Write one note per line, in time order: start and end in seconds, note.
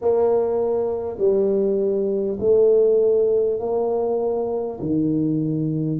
0.01 1.18 A#3
1.18 2.38 G3
2.39 3.59 A3
3.59 4.79 A#3
4.80 5.99 D#3